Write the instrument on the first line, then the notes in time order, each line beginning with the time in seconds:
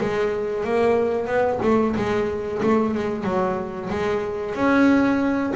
double bass
0.00 G#3
0.64 A#3
1.27 B3
1.63 A3
1.96 G#3
2.63 A3
2.95 G#3
3.24 F#3
3.90 G#3
4.55 C#4